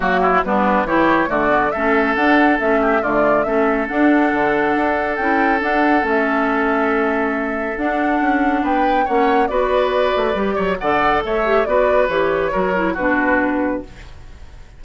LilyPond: <<
  \new Staff \with { instrumentName = "flute" } { \time 4/4 \tempo 4 = 139 fis'4 b'4 cis''4 d''4 | e''4 fis''4 e''4 d''4 | e''4 fis''2. | g''4 fis''4 e''2~ |
e''2 fis''2 | g''4 fis''4 d''2~ | d''4 fis''4 e''4 d''4 | cis''2 b'2 | }
  \new Staff \with { instrumentName = "oboe" } { \time 4/4 fis'8 e'8 d'4 g'4 fis'4 | a'2~ a'8 g'8 f'4 | a'1~ | a'1~ |
a'1 | b'4 cis''4 b'2~ | b'8 cis''8 d''4 cis''4 b'4~ | b'4 ais'4 fis'2 | }
  \new Staff \with { instrumentName = "clarinet" } { \time 4/4 ais4 b4 e'4 a8 b8 | cis'4 d'4 cis'4 a4 | cis'4 d'2. | e'4 d'4 cis'2~ |
cis'2 d'2~ | d'4 cis'4 fis'2 | g'4 a'4. g'8 fis'4 | g'4 fis'8 e'8 d'2 | }
  \new Staff \with { instrumentName = "bassoon" } { \time 4/4 fis4 g4 e4 d4 | a4 d'4 a4 d4 | a4 d'4 d4 d'4 | cis'4 d'4 a2~ |
a2 d'4 cis'4 | b4 ais4 b4. a8 | g8 fis8 d4 a4 b4 | e4 fis4 b,2 | }
>>